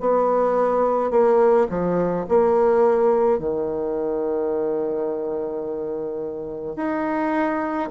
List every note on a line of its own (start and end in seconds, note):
0.00 1.10 B3
1.10 1.67 A#3
1.69 2.25 F3
2.28 3.39 A#3
3.39 6.76 D#3
6.76 7.89 D#4